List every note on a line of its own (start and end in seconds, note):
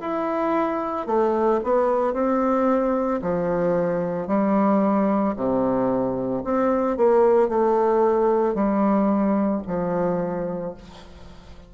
0.00 1.07 E4
1.07 1.60 A3
1.64 2.13 B3
2.13 3.20 C4
3.22 4.27 F3
4.27 5.34 G3
5.36 6.43 C3
6.44 6.97 C4
6.97 7.49 A#3
7.49 8.55 A3
8.55 9.62 G3
9.67 10.74 F3